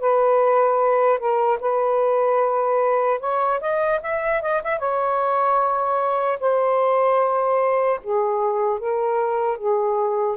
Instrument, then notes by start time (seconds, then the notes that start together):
saxophone
0.00 B4
1.19 A#4
1.60 B4
3.20 C#5
3.60 D#5
4.03 E5
4.42 D#5
4.63 E5
4.79 C#5
6.40 C5
8.03 G#4
8.79 A#4
9.57 G#4